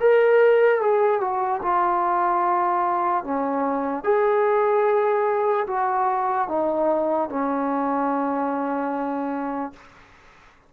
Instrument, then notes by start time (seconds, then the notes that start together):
trombone
0.00 A#4
0.81 G#4
1.21 F#4
1.62 F4
3.24 C#4
4.04 G#4
5.67 F#4
6.48 D#4
7.29 C#4